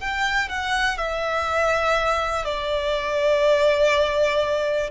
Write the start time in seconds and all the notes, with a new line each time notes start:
0.00 G5
0.49 F#5
0.98 E5
2.45 D5